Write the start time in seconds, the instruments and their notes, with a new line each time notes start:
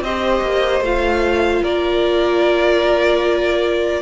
0.00 cello C4, viola G4, violin C5 D#5
0.41 cello A#3
0.80 cello A3, viola F4, violin F5
1.62 cello A#3, violin A#4 D5